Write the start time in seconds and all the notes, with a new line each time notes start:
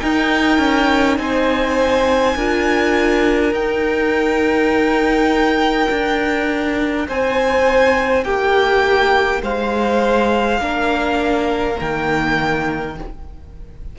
0.00 D#4 A#4 G5
0.59 C#4
1.18 C4 C5 G#5
2.36 D4 F4 A#4
3.51 D#4 G5
5.90 D4
7.08 C4 C5 G#5
8.25 A#3 G4 G5
9.42 G#3 C5 F5
10.60 A#3 D4 A#4
11.75 D#3 A#3 G5